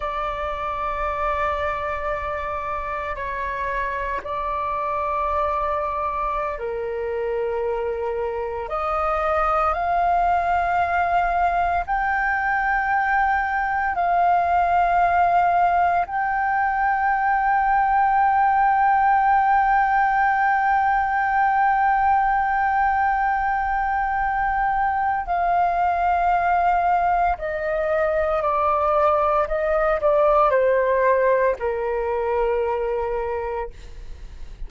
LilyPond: \new Staff \with { instrumentName = "flute" } { \time 4/4 \tempo 4 = 57 d''2. cis''4 | d''2~ d''16 ais'4.~ ais'16~ | ais'16 dis''4 f''2 g''8.~ | g''4~ g''16 f''2 g''8.~ |
g''1~ | g''1 | f''2 dis''4 d''4 | dis''8 d''8 c''4 ais'2 | }